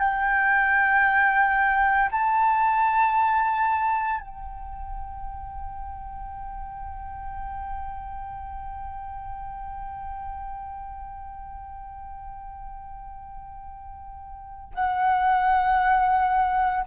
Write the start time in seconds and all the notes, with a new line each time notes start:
0.00 G5
2.12 A5
4.21 G5
14.75 F#5